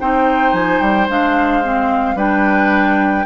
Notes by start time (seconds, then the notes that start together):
0.00 C4 D#4 C5 G5
0.53 F3 G#5
0.81 G3 G5
1.09 G#3 D4 F5
1.64 C4
2.16 G3 D4 B4 G5